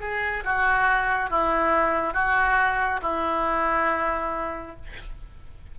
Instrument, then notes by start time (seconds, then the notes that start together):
oboe
0.00 G#4
0.45 F#4
1.30 E4
2.13 F#4
3.02 E4